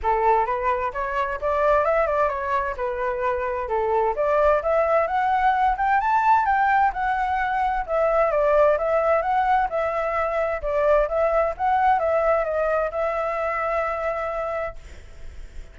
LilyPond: \new Staff \with { instrumentName = "flute" } { \time 4/4 \tempo 4 = 130 a'4 b'4 cis''4 d''4 | e''8 d''8 cis''4 b'2 | a'4 d''4 e''4 fis''4~ | fis''8 g''8 a''4 g''4 fis''4~ |
fis''4 e''4 d''4 e''4 | fis''4 e''2 d''4 | e''4 fis''4 e''4 dis''4 | e''1 | }